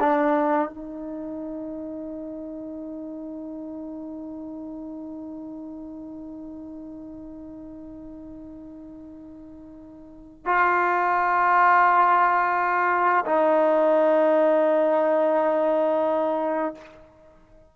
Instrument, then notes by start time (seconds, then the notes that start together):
trombone
0.00 D4
0.69 D#4
10.46 F4
13.26 D#4